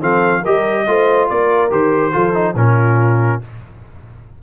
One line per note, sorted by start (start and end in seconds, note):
0.00 0.44 F3
0.00 0.43 C4
0.00 0.41 A4
0.00 0.45 F5
0.41 0.87 G3
0.41 0.87 G4
0.41 0.83 A#4
0.41 1.29 D#5
0.87 1.29 A3
0.87 1.70 F4
0.87 1.29 C5
1.29 1.71 A#3
1.29 2.12 A#4
1.29 1.71 D5
1.70 2.14 D#3
1.70 2.12 G4
1.70 2.57 C5
2.12 2.54 F3
2.12 2.33 F4
2.12 2.55 A4
2.33 2.54 D#4
2.54 3.39 A#2
2.54 3.41 C#4
2.54 3.42 F4
2.54 3.42 A#4